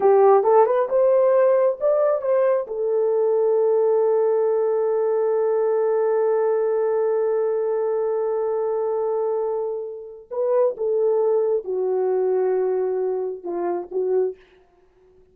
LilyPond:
\new Staff \with { instrumentName = "horn" } { \time 4/4 \tempo 4 = 134 g'4 a'8 b'8 c''2 | d''4 c''4 a'2~ | a'1~ | a'1~ |
a'1~ | a'2. b'4 | a'2 fis'2~ | fis'2 f'4 fis'4 | }